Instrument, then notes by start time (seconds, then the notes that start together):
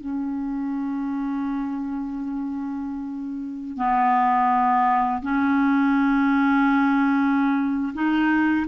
clarinet
0.00 C#4
3.77 B3
5.22 C#4
7.94 D#4